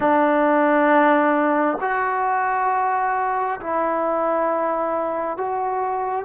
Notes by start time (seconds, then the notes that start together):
0.00 D4
1.80 F#4
3.60 E4
5.37 F#4